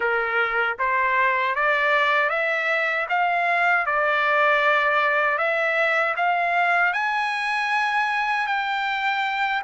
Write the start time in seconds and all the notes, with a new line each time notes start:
0.00 A#4
0.78 C5
1.55 D5
2.29 E5
3.09 F5
3.85 D5
5.38 E5
6.16 F5
6.93 G#5
8.46 G5